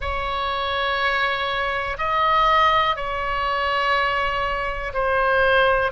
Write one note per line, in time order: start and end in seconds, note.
0.00 1.97 C#5
1.98 2.96 D#5
2.96 4.92 C#5
4.93 5.92 C5